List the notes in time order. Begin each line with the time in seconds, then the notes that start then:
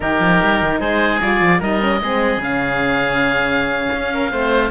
0.00 D#3 D#4 G4 A#4
0.20 F3
0.43 G3
0.62 D#3
0.79 G#3 G#4 C5
1.20 G3 F4 D5
1.40 F3
1.59 G3 D#4 A#4 D#5
1.80 C#4
2.02 G#3 C4 G#4
2.37 C#3 C#4 F5
3.94 C#4
4.13 A#4
4.31 A3 C4 C5